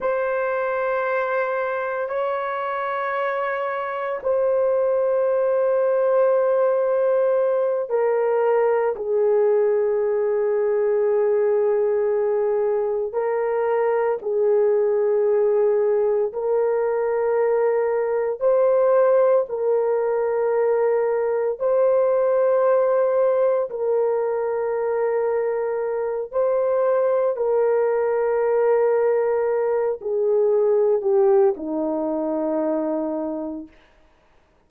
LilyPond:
\new Staff \with { instrumentName = "horn" } { \time 4/4 \tempo 4 = 57 c''2 cis''2 | c''2.~ c''8 ais'8~ | ais'8 gis'2.~ gis'8~ | gis'8 ais'4 gis'2 ais'8~ |
ais'4. c''4 ais'4.~ | ais'8 c''2 ais'4.~ | ais'4 c''4 ais'2~ | ais'8 gis'4 g'8 dis'2 | }